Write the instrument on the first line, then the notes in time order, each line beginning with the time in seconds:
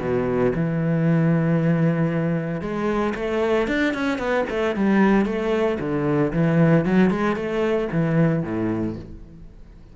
cello
0.00 B2
0.55 E3
2.61 G#3
3.15 A3
3.68 D4
3.94 C#4
4.19 B3
4.50 A3
4.76 G3
5.26 A3
5.80 D3
6.33 E3
6.85 F#3
7.11 G#3
7.36 A3
7.92 E3
8.43 A2